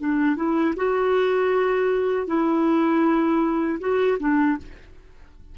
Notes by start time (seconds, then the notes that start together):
0.00 D4
0.37 E4
0.76 F#4
2.28 E4
3.80 F#4
4.19 D4